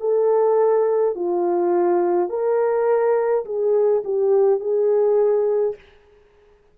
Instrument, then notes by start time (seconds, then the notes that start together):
horn
0.00 A4
1.15 F4
2.30 A#4
3.46 G#4
4.04 G4
4.60 G#4